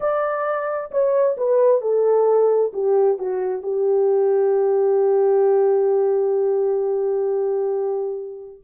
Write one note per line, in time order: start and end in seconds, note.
0.00 0.90 D5
0.91 1.36 C#5
1.37 1.81 B4
1.81 2.71 A4
2.73 3.18 G4
3.18 3.62 F#4
3.62 8.62 G4